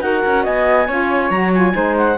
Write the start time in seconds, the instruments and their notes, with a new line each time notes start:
0.00 cello D#4, saxophone F#4, flute A#4, clarinet F#5
0.26 cello C#4
0.44 cello B3, flute D#5, clarinet G#5
0.88 cello C#4, saxophone F4, flute C#5
1.30 cello F#3, saxophone F#4, clarinet A#5
1.54 saxophone F4, clarinet G#5
1.74 cello G#3, saxophone D#4, flute C5
1.98 clarinet F#5